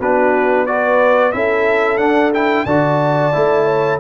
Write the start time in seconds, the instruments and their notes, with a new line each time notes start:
0.00 tuba B3, trombone D4, horn F#4, trumpet B4
0.67 trombone F#4, horn B4, trumpet D5
1.32 tuba C#4, trombone E4, horn A4, trumpet E5
1.98 tuba D4, trombone D4, trumpet F#5
2.34 trombone E4, trumpet G5
2.66 tuba D3, trombone F#4, horn D5, trumpet A5
3.33 tuba A3, trombone E4
3.66 horn C#5